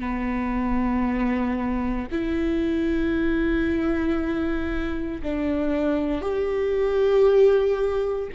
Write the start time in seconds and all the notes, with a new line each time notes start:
0.00 B3
2.12 E4
5.23 D4
6.22 G4